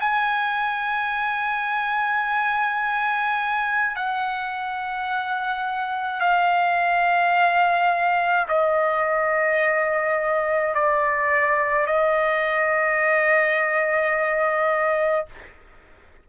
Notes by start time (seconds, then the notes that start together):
0.00 G#5
3.96 F#5
6.21 F5
8.49 D#5
10.75 D5
11.87 D#5